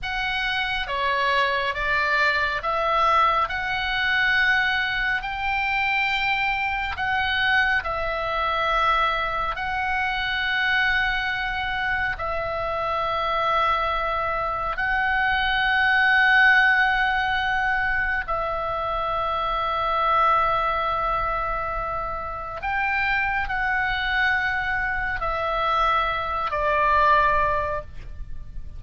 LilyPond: \new Staff \with { instrumentName = "oboe" } { \time 4/4 \tempo 4 = 69 fis''4 cis''4 d''4 e''4 | fis''2 g''2 | fis''4 e''2 fis''4~ | fis''2 e''2~ |
e''4 fis''2.~ | fis''4 e''2.~ | e''2 g''4 fis''4~ | fis''4 e''4. d''4. | }